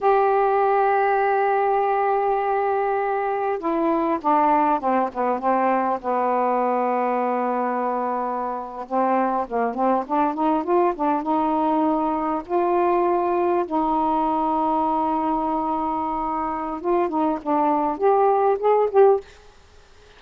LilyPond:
\new Staff \with { instrumentName = "saxophone" } { \time 4/4 \tempo 4 = 100 g'1~ | g'2 e'4 d'4 | c'8 b8 c'4 b2~ | b2~ b8. c'4 ais16~ |
ais16 c'8 d'8 dis'8 f'8 d'8 dis'4~ dis'16~ | dis'8. f'2 dis'4~ dis'16~ | dis'1 | f'8 dis'8 d'4 g'4 gis'8 g'8 | }